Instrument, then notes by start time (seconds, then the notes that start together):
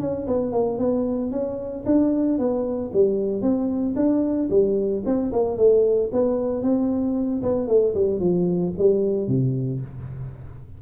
tuba
0.00 C#4
0.27 B3
0.52 A#3
0.79 B3
1.31 C#4
1.86 D4
2.38 B3
2.93 G3
3.42 C4
3.96 D4
4.50 G3
5.06 C4
5.32 A#3
5.57 A3
6.13 B3
6.62 C4
7.42 B3
7.68 A3
7.95 G3
8.20 F3
8.78 G3
9.28 C3